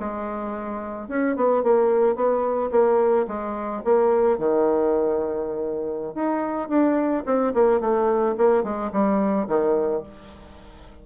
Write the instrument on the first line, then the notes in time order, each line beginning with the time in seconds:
bassoon
0.00 G#3
1.09 C#4
1.37 B3
1.64 A#3
2.16 B3
2.72 A#3
3.28 G#3
3.85 A#3
4.39 D#3
6.15 D#4
6.69 D4
7.26 C4
7.55 A#3
7.81 A3
8.38 A#3
8.64 G#3
8.93 G3
9.48 D#3